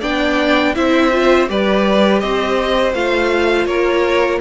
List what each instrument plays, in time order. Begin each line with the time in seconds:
0.00 cello B3, viola D4, violin D5 G5
0.75 cello C4, viola E4, violin C5 E5
1.12 viola F4
1.47 cello G3, viola G4, violin B4 D5
2.20 cello C4, violin C5 D#5
2.93 cello A3, viola F4, violin F5
3.65 cello A#3, violin A#4 C#5